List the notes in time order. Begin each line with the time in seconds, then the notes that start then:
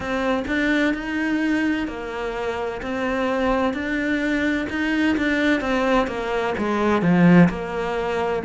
0.00 C4
0.47 D4
0.94 D#4
1.87 A#3
2.81 C4
3.73 D4
4.69 D#4
5.17 D4
5.60 C4
6.07 A#3
6.58 G#3
7.01 F3
7.49 A#3